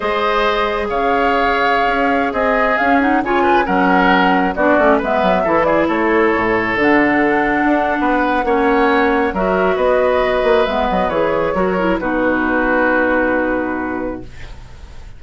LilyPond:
<<
  \new Staff \with { instrumentName = "flute" } { \time 4/4 \tempo 4 = 135 dis''2 f''2~ | f''4~ f''16 dis''4 f''8 fis''8 gis''8.~ | gis''16 fis''2 d''4 e''8.~ | e''8. d''8 cis''2 fis''8.~ |
fis''1~ | fis''4 e''4 dis''2 | e''8 dis''8 cis''2 b'4~ | b'1 | }
  \new Staff \with { instrumentName = "oboe" } { \time 4/4 c''2 cis''2~ | cis''4~ cis''16 gis'2 cis''8 b'16~ | b'16 ais'2 fis'4 b'8.~ | b'16 a'8 gis'8 a'2~ a'8.~ |
a'2 b'4 cis''4~ | cis''4 ais'4 b'2~ | b'2 ais'4 fis'4~ | fis'1 | }
  \new Staff \with { instrumentName = "clarinet" } { \time 4/4 gis'1~ | gis'2~ gis'16 cis'8 dis'8 f'8.~ | f'16 cis'2 d'8 cis'8 b8.~ | b16 e'2. d'8.~ |
d'2. cis'4~ | cis'4 fis'2. | b4 gis'4 fis'8 e'8 dis'4~ | dis'1 | }
  \new Staff \with { instrumentName = "bassoon" } { \time 4/4 gis2 cis2~ | cis16 cis'4 c'4 cis'4 cis8.~ | cis16 fis2 b8 a8 gis8 fis16~ | fis16 e4 a4 a,4 d8.~ |
d4~ d16 d'8. b4 ais4~ | ais4 fis4 b4. ais8 | gis8 fis8 e4 fis4 b,4~ | b,1 | }
>>